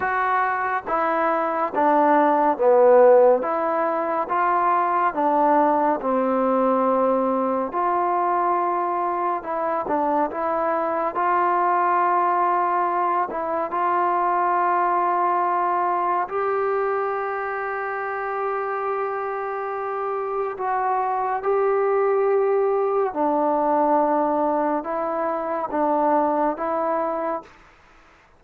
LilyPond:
\new Staff \with { instrumentName = "trombone" } { \time 4/4 \tempo 4 = 70 fis'4 e'4 d'4 b4 | e'4 f'4 d'4 c'4~ | c'4 f'2 e'8 d'8 | e'4 f'2~ f'8 e'8 |
f'2. g'4~ | g'1 | fis'4 g'2 d'4~ | d'4 e'4 d'4 e'4 | }